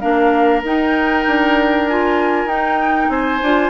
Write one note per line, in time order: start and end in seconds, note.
0.00 0.64 A#3
0.00 0.64 D4
0.00 3.10 A#4
0.00 0.62 F5
0.64 1.26 D#4
0.64 1.90 D#4
0.64 1.89 G5
1.27 2.46 D4
1.89 2.49 F4
1.89 2.49 G#5
2.46 3.07 D#4
2.46 3.41 D#4
2.46 3.10 G5
3.10 3.40 C4
3.10 3.70 C5
3.10 3.70 G#5
3.42 3.70 D4
3.42 3.70 F4